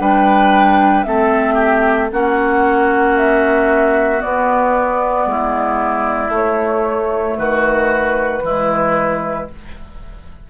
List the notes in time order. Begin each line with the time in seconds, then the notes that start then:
0.00 G3 D4 B4 G5
1.04 A3 C4 A4 E5
1.55 G4
2.12 A#3 C#4 F#4 F#5
3.18 E5
4.19 B3 D5
5.26 G#3 E4
6.29 A3 C#5
7.38 D#3 F#4 B4
8.43 E3 G#3 E4